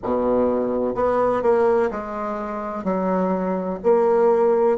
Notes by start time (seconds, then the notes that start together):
0.03 B2
0.94 B3
1.42 A#3
1.90 G#3
2.84 F#3
3.83 A#3